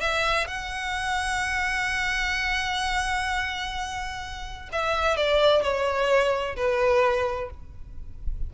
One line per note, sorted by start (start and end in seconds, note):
0.00 0.47 E5
0.47 4.69 F#5
4.72 5.16 E5
5.16 5.62 D5
5.62 6.56 C#5
6.56 7.50 B4